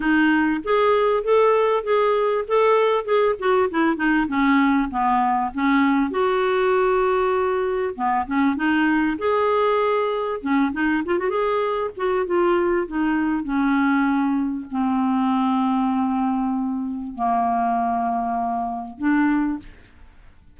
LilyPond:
\new Staff \with { instrumentName = "clarinet" } { \time 4/4 \tempo 4 = 98 dis'4 gis'4 a'4 gis'4 | a'4 gis'8 fis'8 e'8 dis'8 cis'4 | b4 cis'4 fis'2~ | fis'4 b8 cis'8 dis'4 gis'4~ |
gis'4 cis'8 dis'8 f'16 fis'16 gis'4 fis'8 | f'4 dis'4 cis'2 | c'1 | ais2. d'4 | }